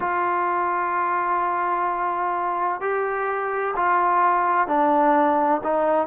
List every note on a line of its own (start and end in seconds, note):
0.00 2.80 F4
2.80 3.74 G4
3.76 4.67 F4
4.67 5.61 D4
5.63 6.07 D#4